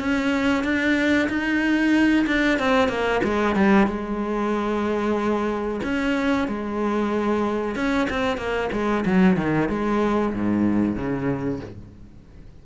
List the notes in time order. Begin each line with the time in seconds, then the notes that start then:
0.00 C#4
0.64 D4
1.30 D#4
2.27 D4
2.60 C4
2.89 A#3
3.24 G#3
3.56 G3
3.88 G#3
5.84 C#4
6.48 G#3
7.76 C#4
8.10 C4
8.38 A#3
8.73 G#3
9.06 F#3
9.37 D#3
9.69 G#3
10.34 G#2
10.96 C#3